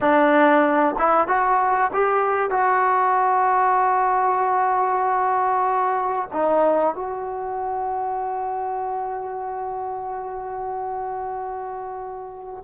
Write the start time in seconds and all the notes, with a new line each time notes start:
0.01 D4
0.98 E4
1.27 F#4
1.93 G4
2.50 F#4
6.32 D#4
6.95 F#4